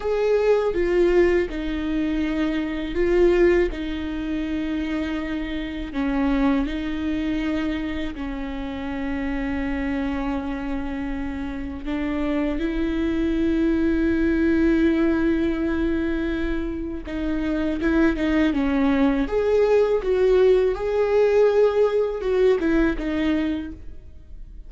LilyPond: \new Staff \with { instrumentName = "viola" } { \time 4/4 \tempo 4 = 81 gis'4 f'4 dis'2 | f'4 dis'2. | cis'4 dis'2 cis'4~ | cis'1 |
d'4 e'2.~ | e'2. dis'4 | e'8 dis'8 cis'4 gis'4 fis'4 | gis'2 fis'8 e'8 dis'4 | }